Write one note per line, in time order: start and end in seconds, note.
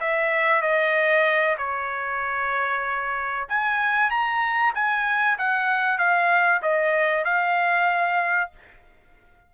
0.00 0.61 E5
0.61 1.56 D#5
1.58 3.47 C#5
3.49 4.10 G#5
4.10 4.73 A#5
4.75 5.38 G#5
5.38 5.98 F#5
5.98 6.61 F5
6.62 7.24 D#5
7.24 8.51 F5